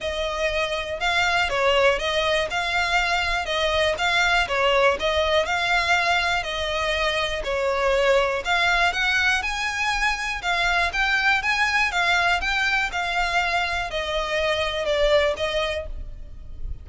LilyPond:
\new Staff \with { instrumentName = "violin" } { \time 4/4 \tempo 4 = 121 dis''2 f''4 cis''4 | dis''4 f''2 dis''4 | f''4 cis''4 dis''4 f''4~ | f''4 dis''2 cis''4~ |
cis''4 f''4 fis''4 gis''4~ | gis''4 f''4 g''4 gis''4 | f''4 g''4 f''2 | dis''2 d''4 dis''4 | }